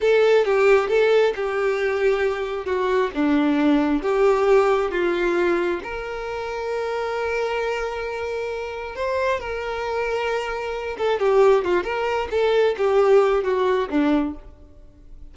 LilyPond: \new Staff \with { instrumentName = "violin" } { \time 4/4 \tempo 4 = 134 a'4 g'4 a'4 g'4~ | g'2 fis'4 d'4~ | d'4 g'2 f'4~ | f'4 ais'2.~ |
ais'1 | c''4 ais'2.~ | ais'8 a'8 g'4 f'8 ais'4 a'8~ | a'8 g'4. fis'4 d'4 | }